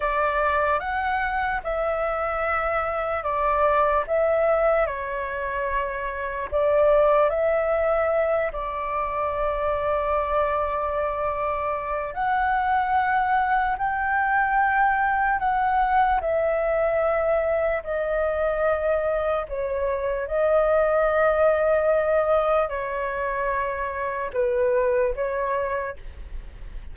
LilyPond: \new Staff \with { instrumentName = "flute" } { \time 4/4 \tempo 4 = 74 d''4 fis''4 e''2 | d''4 e''4 cis''2 | d''4 e''4. d''4.~ | d''2. fis''4~ |
fis''4 g''2 fis''4 | e''2 dis''2 | cis''4 dis''2. | cis''2 b'4 cis''4 | }